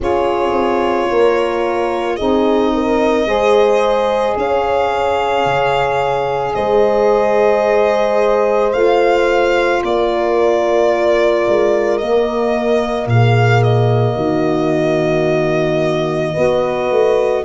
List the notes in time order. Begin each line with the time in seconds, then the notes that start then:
0.00 C#4 F4 G#4 C#5
0.52 C4
1.10 A#3 A#4
2.16 C4 D#4 G#4 D#5
2.73 A#4
3.25 G#3 G#4 C5
4.36 C#4 C#5 F5
5.45 C#3
6.55 G#3 C5 D#5
8.72 A3 F4 F5
9.82 A#3 A#4 D5
11.47 G#3
11.98 A#3 D#5
13.06 A#2 G#4 F5
13.63 D#5
14.16 D#3 F#4
16.33 B3 F#4 B4
16.90 A3